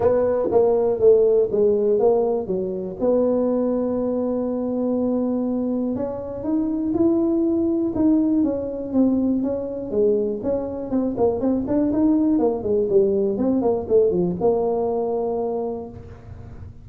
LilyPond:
\new Staff \with { instrumentName = "tuba" } { \time 4/4 \tempo 4 = 121 b4 ais4 a4 gis4 | ais4 fis4 b2~ | b1 | cis'4 dis'4 e'2 |
dis'4 cis'4 c'4 cis'4 | gis4 cis'4 c'8 ais8 c'8 d'8 | dis'4 ais8 gis8 g4 c'8 ais8 | a8 f8 ais2. | }